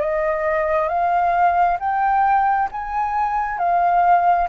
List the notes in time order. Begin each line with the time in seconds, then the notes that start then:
0.00 D#5
0.88 F5
1.79 G5
2.72 G#5
3.58 F5